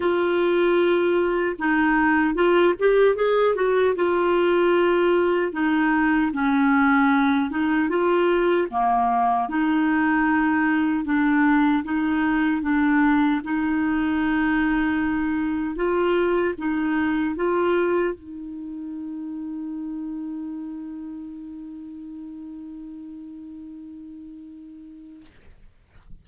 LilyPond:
\new Staff \with { instrumentName = "clarinet" } { \time 4/4 \tempo 4 = 76 f'2 dis'4 f'8 g'8 | gis'8 fis'8 f'2 dis'4 | cis'4. dis'8 f'4 ais4 | dis'2 d'4 dis'4 |
d'4 dis'2. | f'4 dis'4 f'4 dis'4~ | dis'1~ | dis'1 | }